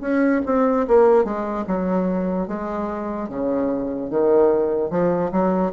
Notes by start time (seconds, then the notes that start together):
0.00 C#4
0.45 C4
0.87 A#3
1.24 G#3
1.67 F#3
2.47 G#3
3.28 C#3
4.10 D#3
4.90 F3
5.31 F#3